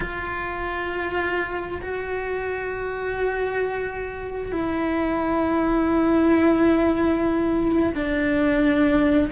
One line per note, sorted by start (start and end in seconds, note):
0.00 1.81 F4
1.81 4.52 F#4
4.52 7.93 E4
7.95 9.31 D4